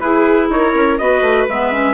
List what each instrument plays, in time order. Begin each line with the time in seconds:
0.00 bassoon E4, clarinet E4, viola G#4, trumpet B4
0.49 bassoon D#4, viola A#4, trumpet C#5
0.74 bassoon C#4
0.98 bassoon B3, clarinet F#4, viola B4, trumpet D#5
1.22 bassoon A3
1.49 bassoon G#3, clarinet B3, trumpet E5
1.72 clarinet C#4